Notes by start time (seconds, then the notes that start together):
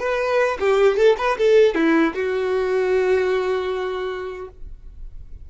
0.00 B4
0.60 G4
0.97 A4
1.18 B4
1.38 A4
1.75 E4
2.15 F#4